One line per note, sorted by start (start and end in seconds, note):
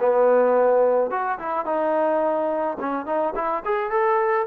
0.00 1.11 B3
1.11 1.39 F#4
1.39 1.65 E4
1.65 2.78 D#4
2.80 3.06 C#4
3.06 3.34 D#4
3.35 3.63 E4
3.65 3.90 G#4
3.90 4.47 A4